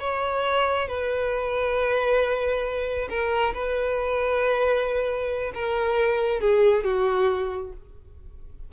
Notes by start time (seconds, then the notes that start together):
0.00 C#5
0.88 B4
3.10 A#4
3.54 B4
5.55 A#4
6.40 G#4
6.84 F#4